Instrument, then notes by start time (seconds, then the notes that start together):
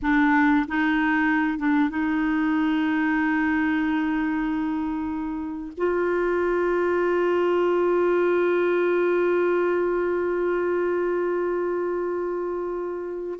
clarinet
0.02 D4
0.67 D#4
1.58 D4
1.89 D#4
5.77 F4